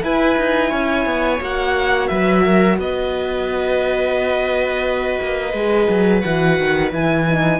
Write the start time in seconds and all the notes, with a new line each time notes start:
0.00 E4 B4 G#5
0.37 D#4
0.69 C#4 C#5
1.05 B3
1.40 A#3 F#4 F#5
2.07 F#3 B4 E5
2.45 A#4
2.78 B3 B4 D#5
5.21 A#3
5.53 G#3 G#4
5.89 F#3
6.20 E3 F#4 F#5
6.59 D#3
6.92 E3 E4 G#5
7.27 D#4